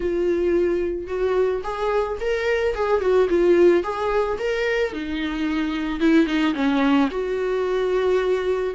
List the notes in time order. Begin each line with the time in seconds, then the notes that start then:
0.00 F4
1.07 F#4
1.63 G#4
2.20 A#4
2.74 G#4
3.00 F#4
3.29 F4
3.83 G#4
4.38 A#4
4.92 D#4
6.00 E4
6.26 D#4
6.54 C#4
7.10 F#4